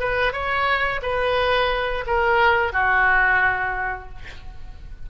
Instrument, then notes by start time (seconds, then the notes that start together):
oboe
0.00 B4
0.33 C#5
1.03 B4
2.07 A#4
2.73 F#4